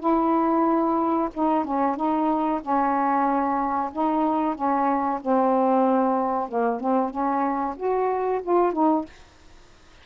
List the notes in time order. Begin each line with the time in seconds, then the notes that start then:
0.00 E4
1.34 D#4
1.65 C#4
1.96 D#4
2.62 C#4
3.92 D#4
4.55 C#4
5.21 C4
6.49 A#3
6.81 C4
7.11 C#4
7.77 F#4
8.43 F4
8.73 D#4